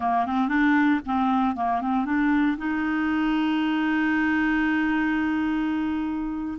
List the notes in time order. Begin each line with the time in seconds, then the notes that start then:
0.00 A#3
0.26 C4
0.48 D4
1.05 C4
1.55 A#3
1.81 C4
2.05 D4
2.57 D#4